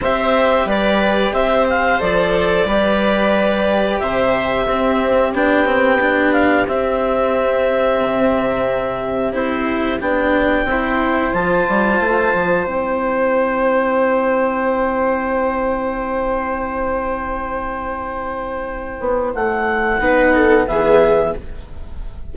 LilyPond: <<
  \new Staff \with { instrumentName = "clarinet" } { \time 4/4 \tempo 4 = 90 e''4 d''4 e''8 f''8 d''4~ | d''2 e''2 | g''4. f''8 e''2~ | e''2 c''4 g''4~ |
g''4 a''2 g''4~ | g''1~ | g''1~ | g''4 fis''2 e''4 | }
  \new Staff \with { instrumentName = "viola" } { \time 4/4 c''4 b'4 c''2 | b'2 c''4 g'4~ | g'1~ | g'1 |
c''1~ | c''1~ | c''1~ | c''2 b'8 a'8 gis'4 | }
  \new Staff \with { instrumentName = "cello" } { \time 4/4 g'2. a'4 | g'2. c'4 | d'8 c'8 d'4 c'2~ | c'2 e'4 d'4 |
e'4 f'2 e'4~ | e'1~ | e'1~ | e'2 dis'4 b4 | }
  \new Staff \with { instrumentName = "bassoon" } { \time 4/4 c'4 g4 c'4 f4 | g2 c4 c'4 | b2 c'2 | c2 c'4 b4 |
c'4 f8 g8 a8 f8 c'4~ | c'1~ | c'1~ | c'8 b8 a4 b4 e4 | }
>>